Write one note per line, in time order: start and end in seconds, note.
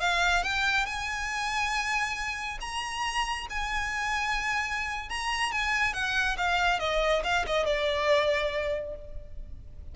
0.00 0.43 F5
0.43 0.86 G5
0.86 2.58 G#5
2.61 3.47 A#5
3.49 5.09 G#5
5.09 5.52 A#5
5.52 5.93 G#5
5.93 6.36 F#5
6.37 6.79 F5
6.79 7.22 D#5
7.24 7.45 F5
7.46 7.65 D#5
7.65 8.95 D5